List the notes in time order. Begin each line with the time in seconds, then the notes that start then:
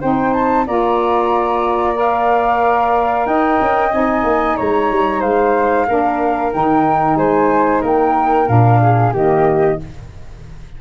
0.00 C4 D#4 C5 G5
0.33 A5
0.66 A#3 F4 D5 A#5
1.94 A#4 F5
3.26 D#4 D#5 G5
3.60 C#4
3.90 C4 D#4 G#5
4.23 A#3
4.57 G#3 C#5 A#5
4.90 G3
5.20 G#3 C5 F5
5.87 A#3 D4 A#4
6.52 D#3 D#4 G5
7.15 G#3 C5 G#5
7.81 A#3 A#4 G5
8.47 A#2 D4 F5
8.82 G#4
9.12 D#3 A#3 G4 D#5